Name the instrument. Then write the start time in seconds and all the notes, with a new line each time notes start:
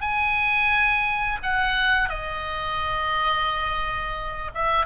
oboe
0.00 G#5
1.42 F#5
2.09 D#5
4.54 E5